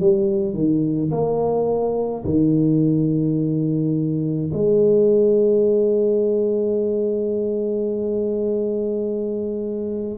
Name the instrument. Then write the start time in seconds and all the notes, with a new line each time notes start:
tuba
0.00 G3
0.54 D#3
1.11 A#3
2.25 D#3
4.53 G#3